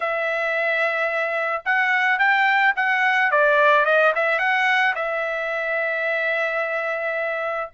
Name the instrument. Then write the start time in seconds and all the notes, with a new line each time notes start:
trumpet
0.00 E5
1.65 F#5
2.18 G5
2.75 F#5
3.31 D5
3.85 D#5
4.15 E5
4.38 F#5
4.95 E5